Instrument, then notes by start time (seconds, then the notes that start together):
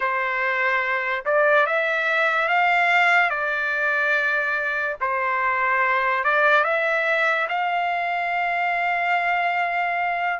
trumpet
0.00 C5
1.25 D5
1.66 E5
2.48 F5
3.30 D5
5.00 C5
6.23 D5
6.64 E5
7.48 F5